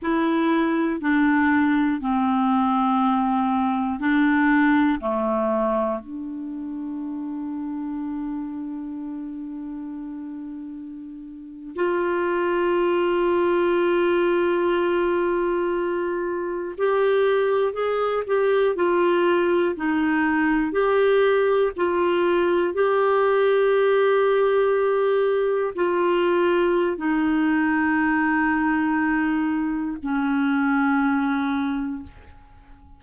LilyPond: \new Staff \with { instrumentName = "clarinet" } { \time 4/4 \tempo 4 = 60 e'4 d'4 c'2 | d'4 a4 d'2~ | d'2.~ d'8. f'16~ | f'1~ |
f'8. g'4 gis'8 g'8 f'4 dis'16~ | dis'8. g'4 f'4 g'4~ g'16~ | g'4.~ g'16 f'4~ f'16 dis'4~ | dis'2 cis'2 | }